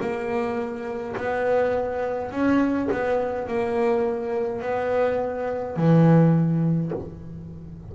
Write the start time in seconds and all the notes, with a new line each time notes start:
0.00 A#3
1.16 B3
2.31 C#4
2.91 B3
3.47 A#3
4.62 B3
5.76 E3